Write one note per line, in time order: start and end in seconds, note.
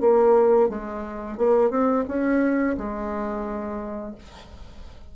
0.00 0.69 A#3
0.69 1.37 G#3
1.37 1.70 A#3
1.70 2.04 C4
2.08 2.76 C#4
2.77 4.15 G#3